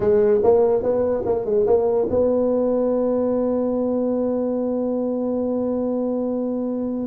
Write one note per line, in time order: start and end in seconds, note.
0.00 0.40 G#3
0.43 0.82 A#3
0.82 1.24 B3
1.25 1.45 A#3
1.45 1.66 G#3
1.66 2.08 A#3
2.09 7.06 B3